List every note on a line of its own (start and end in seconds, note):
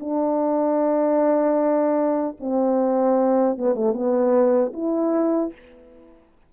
0.00 2.37 D4
2.40 3.57 C4
3.57 3.75 B3
3.75 3.93 A3
3.93 4.72 B3
4.73 5.52 E4